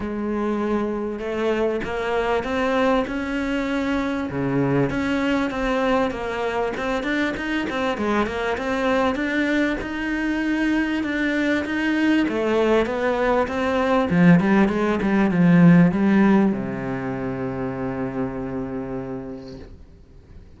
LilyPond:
\new Staff \with { instrumentName = "cello" } { \time 4/4 \tempo 4 = 98 gis2 a4 ais4 | c'4 cis'2 cis4 | cis'4 c'4 ais4 c'8 d'8 | dis'8 c'8 gis8 ais8 c'4 d'4 |
dis'2 d'4 dis'4 | a4 b4 c'4 f8 g8 | gis8 g8 f4 g4 c4~ | c1 | }